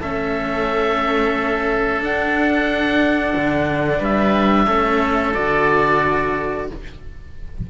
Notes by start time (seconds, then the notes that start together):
0.00 A3 C#4 A4 E5
2.00 D4 F#5
3.36 D3
3.98 G3 B4 E5
4.66 A3 C#4 A4
5.34 D3 F#4 D5